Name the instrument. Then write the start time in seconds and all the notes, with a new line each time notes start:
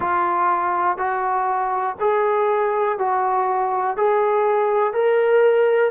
trombone
0.00 F4
0.97 F#4
1.99 G#4
2.98 F#4
3.97 G#4
4.93 A#4